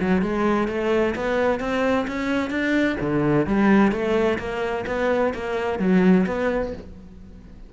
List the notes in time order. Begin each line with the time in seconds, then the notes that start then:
0.00 F#3
0.22 G#3
0.68 A3
1.15 B3
1.60 C4
2.07 C#4
2.50 D4
3.00 D3
3.46 G3
3.91 A3
4.38 A#3
4.86 B3
5.34 A#3
5.79 F#3
6.26 B3